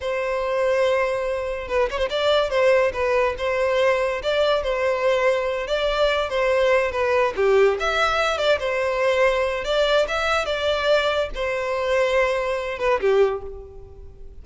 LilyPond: \new Staff \with { instrumentName = "violin" } { \time 4/4 \tempo 4 = 143 c''1 | b'8 cis''16 c''16 d''4 c''4 b'4 | c''2 d''4 c''4~ | c''4. d''4. c''4~ |
c''8 b'4 g'4 e''4. | d''8 c''2~ c''8 d''4 | e''4 d''2 c''4~ | c''2~ c''8 b'8 g'4 | }